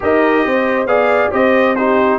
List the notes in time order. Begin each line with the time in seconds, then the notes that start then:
0.00 D#4 G4 A#4 D#5
0.45 C4 C5
0.86 B3 G#4 D5 F5
1.31 C4 G4 C5 D#5
1.75 D#4 G4 C5